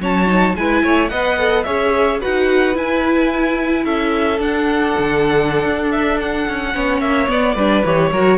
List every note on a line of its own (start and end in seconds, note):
0.00 0.55 F#3
0.00 0.27 C#4
0.00 0.56 C#5
0.00 0.56 A5
0.27 0.54 D#4
0.56 0.83 G#3
0.56 1.11 E4
0.56 0.84 B4
0.56 1.08 G#5
0.84 1.11 A3
0.84 1.11 C#5
1.08 1.66 B3
1.08 1.38 B4
1.08 1.65 D#5
1.08 1.64 F#5
1.38 1.66 A4
1.64 2.22 C#4
1.64 2.21 G#4
1.64 2.20 C#5
1.64 2.19 E5
2.20 2.75 D#4
2.20 2.74 F#4
2.20 3.84 B4
2.20 2.77 F#5
2.74 4.39 E4
2.74 3.85 E4
2.74 3.85 G#5
3.84 4.39 C#4
3.84 6.73 A4
3.84 4.40 E5
4.39 6.72 D4
4.39 4.94 D4
4.39 5.92 F#5
4.98 5.65 D3
5.65 6.48 D4
5.92 6.19 E5
6.20 7.00 F#5
6.48 6.75 C#4
6.73 7.00 B3
6.73 7.28 C#4
6.73 7.55 C#5
7.00 7.28 A#3
7.00 7.28 E5
7.28 7.56 B3
7.28 7.85 D5
7.55 7.83 G3
7.55 7.85 D4
7.55 8.10 B4
7.85 8.12 E3
7.85 8.13 G4
7.85 8.38 C#5
8.12 8.38 F#3
8.12 8.38 F#4
8.12 8.38 A#4